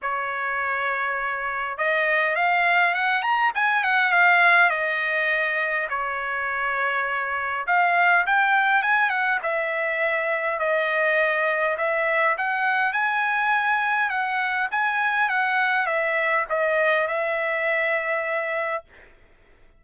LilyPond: \new Staff \with { instrumentName = "trumpet" } { \time 4/4 \tempo 4 = 102 cis''2. dis''4 | f''4 fis''8 ais''8 gis''8 fis''8 f''4 | dis''2 cis''2~ | cis''4 f''4 g''4 gis''8 fis''8 |
e''2 dis''2 | e''4 fis''4 gis''2 | fis''4 gis''4 fis''4 e''4 | dis''4 e''2. | }